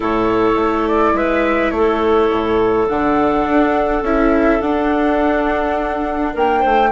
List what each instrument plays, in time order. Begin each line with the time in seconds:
0.00 bassoon A2, viola E4, clarinet A4, flute C#5
0.54 bassoon A3
0.88 flute D5
1.13 bassoon G#3, clarinet B4, flute E5
1.70 bassoon A3, clarinet A4, flute C#5
2.30 bassoon A2
2.88 bassoon D3, viola D4, flute F#5
3.49 bassoon D4
4.02 bassoon C#4, viola E4, flute E5
4.61 bassoon D4, viola D4, flute F#5
6.34 bassoon A#3, clarinet A#4, flute G5
6.59 bassoon A3, clarinet C5